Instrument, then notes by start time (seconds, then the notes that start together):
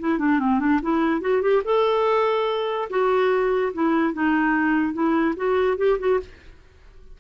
clarinet
0.00 E4
0.19 D4
0.39 C4
0.60 D4
0.82 E4
1.21 F#4
1.42 G4
1.65 A4
2.90 F#4
3.74 E4
4.13 D#4
4.94 E4
5.36 F#4
5.78 G4
5.99 F#4